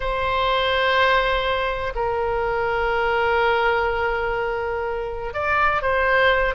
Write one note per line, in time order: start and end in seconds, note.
0.00 1.93 C5
1.95 5.33 A#4
5.33 5.82 D5
5.82 6.54 C5